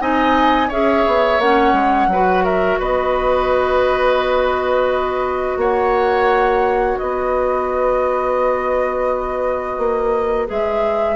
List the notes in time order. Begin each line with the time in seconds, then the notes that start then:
0.00 C4 D#4 D#5 G#5
0.68 C#4 G#4 C#5 E5
1.07 B3
1.39 A#3 C#4 F#5
1.73 G#3
2.07 F#3 F#4 B4
2.44 A#4 E5
2.79 B3 B4 D#5
5.57 A#3 C#5 F#5
6.98 B3 B4 D#5
9.78 A#3
10.48 G#3 G#4 E5